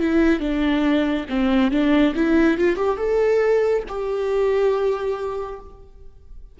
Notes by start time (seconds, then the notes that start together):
0.00 E4
0.40 D4
1.29 C4
1.71 D4
2.15 E4
2.58 F4
2.77 G4
2.98 A4
3.88 G4